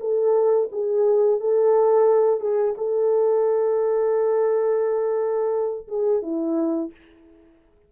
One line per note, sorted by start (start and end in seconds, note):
0.00 0.69 A4
0.72 1.40 G#4
1.40 2.40 A4
2.40 2.75 G#4
2.77 5.87 A4
5.88 6.22 G#4
6.22 6.91 E4